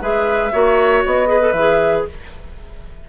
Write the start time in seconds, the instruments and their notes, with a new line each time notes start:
0.00 bassoon G#3, clarinet G#4, oboe B4, flute E5
0.52 bassoon A#3, clarinet F#4, oboe C#5
1.06 bassoon B3, flute D#5
1.26 clarinet G#4, oboe B4
1.40 clarinet A4
1.52 bassoon E3, flute E5
1.58 clarinet G#4